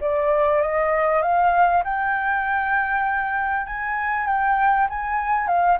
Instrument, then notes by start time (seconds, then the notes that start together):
flute
0.00 D5
0.61 D#5
1.22 F5
1.84 G5
3.66 G#5
4.26 G5
4.89 G#5
5.47 F5